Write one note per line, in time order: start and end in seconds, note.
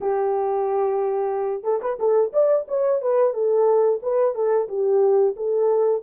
0.00 1.63 G4
1.63 1.80 A4
1.81 1.98 B4
1.99 2.32 A4
2.32 2.66 D5
2.68 3.01 C#5
3.01 3.33 B4
3.33 4.00 A4
4.02 4.34 B4
4.34 4.68 A4
4.68 5.35 G4
5.36 6.02 A4